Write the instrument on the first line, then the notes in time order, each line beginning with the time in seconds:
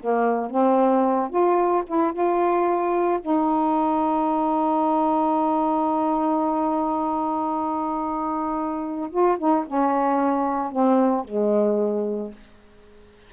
saxophone
0.00 A#3
0.50 C4
1.30 F4
1.87 E4
2.13 F4
3.21 D#4
9.11 F4
9.38 D#4
9.67 C#4
10.72 C4
11.25 G#3